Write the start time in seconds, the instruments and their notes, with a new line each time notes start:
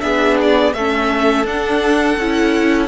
0.00 cello B3, viola D4, violin G#4 E5
0.41 violin D5
0.73 cello A3, viola C#4, violin A4 E5
1.44 cello D4, viola D4, violin F#5
2.17 cello C#4, viola E4